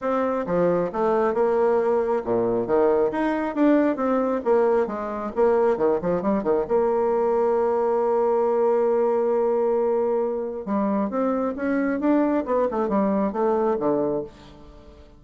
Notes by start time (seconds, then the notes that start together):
0.01 C4
0.46 F3
0.92 A3
1.33 A#3
2.24 A#2
2.66 D#3
3.11 D#4
3.55 D4
3.96 C4
4.44 A#3
4.86 G#3
5.35 A#3
5.77 D#3
6.01 F3
6.22 G3
6.43 D#3
6.67 A#3
10.65 G3
11.10 C4
11.56 C#4
12.00 D4
12.45 B3
12.70 A3
12.88 G3
13.32 A3
13.79 D3